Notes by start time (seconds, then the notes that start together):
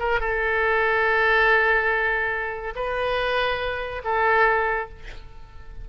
0.00 A#4
0.21 A4
2.76 B4
4.05 A4